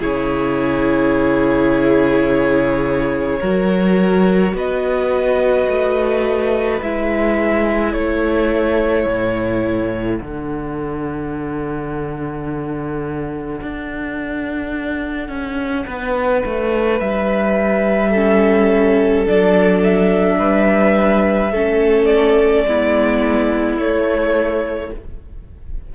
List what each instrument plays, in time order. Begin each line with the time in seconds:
0.00 cello C#3, viola E4, violin G#4 C#5
3.40 cello F#3, viola F#4, violin A#4
4.54 cello B3, violin B4 D#5
5.68 cello A3
6.81 cello G#3, viola E4, violin E5
7.93 cello A3, violin A4 C#5
9.06 cello A2
10.18 cello D3, viola D4, violin F#5
13.62 cello D4
15.29 cello C#4
15.87 cello B3, violin B4
16.46 cello A3
17.00 cello G3, violin E5
18.10 viola C#4, violin A4
19.27 cello F#3, viola D4, violin D5
19.83 violin E5
20.39 cello G3, violin B4
21.52 cello A3, viola C#4, violin A4
22.06 violin D5
22.65 cello G#3, viola B3, violin E4
23.77 cello A3, viola A3, violin C#5